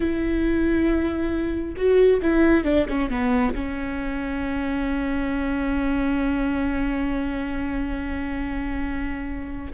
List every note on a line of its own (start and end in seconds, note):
0.00 1.74 E4
1.76 2.20 F#4
2.21 2.64 E4
2.64 2.86 D4
2.88 3.10 C#4
3.10 3.54 B3
3.54 9.72 C#4